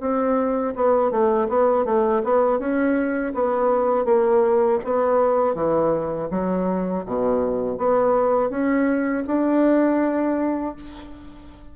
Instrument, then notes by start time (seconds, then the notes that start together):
bassoon
0.00 C4
0.75 B3
1.11 A3
1.48 B3
1.85 A3
2.24 B3
2.59 C#4
3.34 B3
4.05 A#3
4.84 B3
5.55 E3
6.31 F#3
7.06 B2
7.77 B3
8.50 C#4
9.27 D4